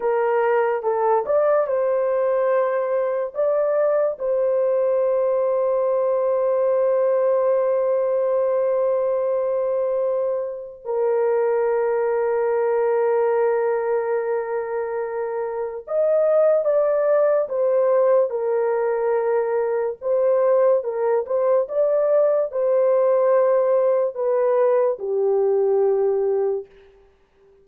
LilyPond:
\new Staff \with { instrumentName = "horn" } { \time 4/4 \tempo 4 = 72 ais'4 a'8 d''8 c''2 | d''4 c''2.~ | c''1~ | c''4 ais'2.~ |
ais'2. dis''4 | d''4 c''4 ais'2 | c''4 ais'8 c''8 d''4 c''4~ | c''4 b'4 g'2 | }